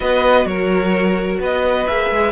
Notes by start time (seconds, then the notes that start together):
0.00 B3 F#4 B4 D#5
0.45 F#3 A#4 C#5
1.39 B3 B4 D#5
1.87 A#3 G#4 E5
2.10 G#3